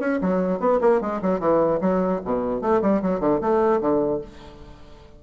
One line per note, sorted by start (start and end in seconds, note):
0.00 0.20 C#4
0.21 0.60 F#3
0.60 0.80 B3
0.81 1.01 A#3
1.01 1.21 G#3
1.22 1.40 F#3
1.40 1.80 E3
1.81 2.21 F#3
2.25 2.62 B2
2.62 2.82 A3
2.82 3.02 G3
3.02 3.20 F#3
3.20 3.40 D3
3.41 3.81 A3
3.81 4.21 D3